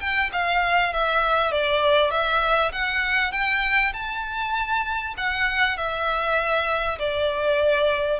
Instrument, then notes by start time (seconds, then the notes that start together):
violin
0.00 G5
0.33 F5
0.93 E5
1.52 D5
2.11 E5
2.72 F#5
3.32 G5
3.93 A5
5.17 F#5
5.77 E5
6.99 D5